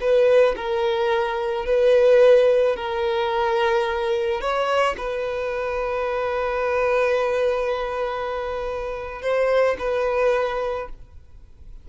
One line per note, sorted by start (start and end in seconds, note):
0.00 0.55 B4
0.56 1.66 A#4
1.66 2.76 B4
2.76 4.41 A#4
4.41 4.96 C#5
4.97 9.22 B4
9.22 9.77 C5
9.79 10.89 B4